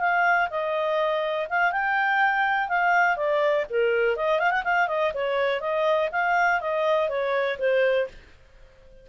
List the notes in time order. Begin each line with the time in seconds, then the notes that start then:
0.00 F5
0.50 D#5
1.49 F5
1.72 G5
2.69 F5
3.17 D5
3.70 A#4
4.16 D#5
4.39 F5
4.51 F#5
4.64 F5
4.88 D#5
5.14 C#5
5.61 D#5
6.12 F5
6.61 D#5
7.09 C#5
7.59 C5